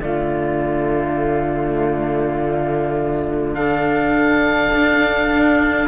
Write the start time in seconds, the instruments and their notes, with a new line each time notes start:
0.00 cello D3 A3, flute F4, oboe D5
3.55 cello D4, flute A4, oboe F5
4.72 cello D4